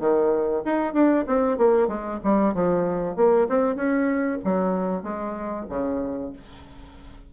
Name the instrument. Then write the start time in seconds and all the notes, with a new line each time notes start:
bassoon
0.00 D#3
0.65 D#4
0.94 D4
1.27 C4
1.58 A#3
1.88 G#3
2.24 G3
2.55 F3
3.16 A#3
3.49 C4
3.76 C#4
4.44 F#3
5.03 G#3
5.70 C#3